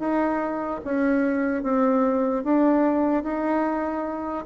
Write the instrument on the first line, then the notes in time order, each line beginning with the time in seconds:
bassoon
0.00 D#4
0.85 C#4
1.63 C4
2.44 D4
3.24 D#4